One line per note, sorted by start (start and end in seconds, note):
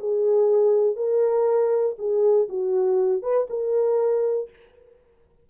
0.00 0.97 G#4
0.97 1.97 A#4
1.99 2.49 G#4
2.49 3.23 F#4
3.23 3.48 B4
3.50 4.50 A#4